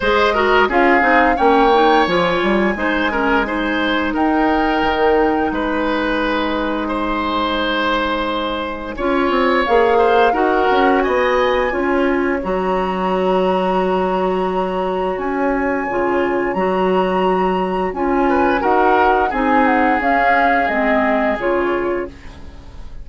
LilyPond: <<
  \new Staff \with { instrumentName = "flute" } { \time 4/4 \tempo 4 = 87 dis''4 f''4 g''4 gis''4~ | gis''2 g''2 | gis''1~ | gis''2 f''4 fis''4 |
gis''2 ais''2~ | ais''2 gis''2 | ais''2 gis''4 fis''4 | gis''8 fis''8 f''4 dis''4 cis''4 | }
  \new Staff \with { instrumentName = "oboe" } { \time 4/4 c''8 ais'8 gis'4 cis''2 | c''8 ais'8 c''4 ais'2 | b'2 c''2~ | c''4 cis''4. c''8 ais'4 |
dis''4 cis''2.~ | cis''1~ | cis''2~ cis''8 b'8 ais'4 | gis'1 | }
  \new Staff \with { instrumentName = "clarinet" } { \time 4/4 gis'8 fis'8 f'8 dis'8 cis'8 dis'8 f'4 | dis'8 cis'8 dis'2.~ | dis'1~ | dis'4 f'4 gis'4 fis'4~ |
fis'4 f'4 fis'2~ | fis'2. f'4 | fis'2 f'4 fis'4 | dis'4 cis'4 c'4 f'4 | }
  \new Staff \with { instrumentName = "bassoon" } { \time 4/4 gis4 cis'8 c'8 ais4 f8 g8 | gis2 dis'4 dis4 | gis1~ | gis4 cis'8 c'8 ais4 dis'8 cis'8 |
b4 cis'4 fis2~ | fis2 cis'4 cis4 | fis2 cis'4 dis'4 | c'4 cis'4 gis4 cis4 | }
>>